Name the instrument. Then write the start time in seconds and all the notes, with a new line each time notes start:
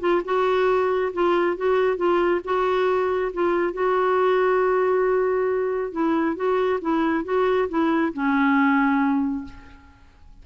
clarinet
0.00 F4
0.25 F#4
1.13 F4
1.57 F#4
1.97 F4
2.44 F#4
3.33 F4
3.73 F#4
5.92 E4
6.36 F#4
6.81 E4
7.24 F#4
7.69 E4
8.13 C#4